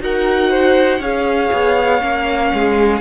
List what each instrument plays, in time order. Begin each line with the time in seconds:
0.00 cello D#4, viola F#4, violin A#4 F#5
0.50 violin C5
1.00 cello C#4, viola G#4, violin C#5 F5
1.53 cello B3
2.01 cello A#3, viola C#4
2.54 cello G#3, violin G#4